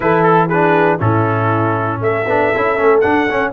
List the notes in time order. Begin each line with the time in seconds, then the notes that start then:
0.00 E3 E4 A4 B4
0.23 A4
0.47 D4 G#4 B4
0.99 A2 C#4 E4 A4
2.00 A3 A4 E5
2.26 B3 D4
2.55 C#4 E4
2.77 A3 C#4
3.00 D4 F#5
3.29 C#4